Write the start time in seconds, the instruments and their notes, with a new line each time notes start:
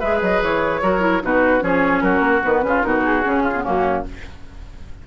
0.00 bassoon G#3, clarinet G#4, oboe B4, flute E5
0.22 bassoon F#3, flute D#5
0.42 bassoon E3, flute C#5
0.83 bassoon F#3, clarinet F#4, oboe A#4
1.00 clarinet E4
1.22 bassoon B2, clarinet D#4, oboe F#4, flute B4
1.61 bassoon F3, clarinet C#4, oboe G#4, flute C#5
2.01 bassoon F#3, oboe F#4, flute A#4
2.20 bassoon A#3
2.43 bassoon D#3, clarinet B3, flute B4
2.63 bassoon C#3, clarinet C#4, oboe F4
2.82 bassoon B2, clarinet D#4, oboe F#4, flute A#4
3.05 flute G#4
3.23 bassoon C#3, clarinet C#4
3.43 oboe F4
3.55 clarinet B3
3.63 bassoon F#2, clarinet A#3, oboe C#4, flute F#4